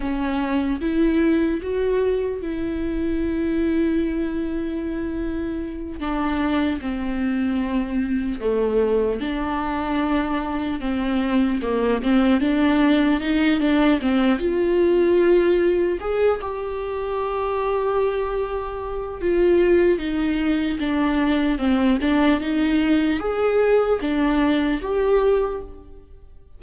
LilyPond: \new Staff \with { instrumentName = "viola" } { \time 4/4 \tempo 4 = 75 cis'4 e'4 fis'4 e'4~ | e'2.~ e'8 d'8~ | d'8 c'2 a4 d'8~ | d'4. c'4 ais8 c'8 d'8~ |
d'8 dis'8 d'8 c'8 f'2 | gis'8 g'2.~ g'8 | f'4 dis'4 d'4 c'8 d'8 | dis'4 gis'4 d'4 g'4 | }